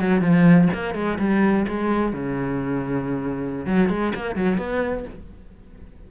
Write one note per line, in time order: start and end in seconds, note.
0.00 0.21 F#3
0.21 0.69 F3
0.74 0.94 A#3
0.94 1.18 G#3
1.19 1.66 G3
1.68 2.13 G#3
2.13 3.66 C#3
3.66 3.89 F#3
3.89 4.13 G#3
4.16 4.36 A#3
4.36 4.58 F#3
4.58 5.05 B3